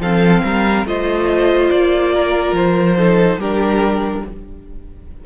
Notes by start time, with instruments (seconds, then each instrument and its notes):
0.00 cello F3, viola C4, violin A4 F5
0.44 cello G3, violin A#4
0.85 cello A3, viola F4, violin C5 D#5
1.70 cello A#3, violin D5
2.15 violin A#4
2.52 cello F3, violin C5
2.97 viola D#4, violin A4
3.37 cello G3, viola D4, violin G4 A#4